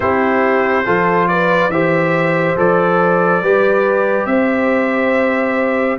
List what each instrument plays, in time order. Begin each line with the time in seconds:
0.00 tuba C4, trombone E4, horn G4, trumpet C5
0.85 tuba F3, trombone F4, horn A4
1.28 horn B4, trumpet D5
1.69 tuba E3, trombone G4, horn C5, trumpet E5
2.56 tuba F3, trombone A4, trumpet D5
3.42 tuba G3, trombone G4, horn B4
4.26 tuba C4, horn C5, trumpet E5